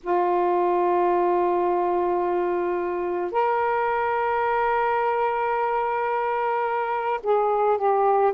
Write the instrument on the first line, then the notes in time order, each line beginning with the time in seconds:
saxophone
0.03 F4
3.31 A#4
7.23 G#4
7.77 G4